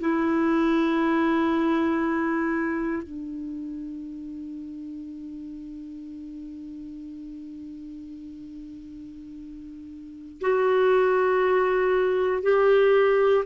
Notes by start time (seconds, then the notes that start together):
0.00 E4
3.03 D4
10.41 F#4
12.43 G4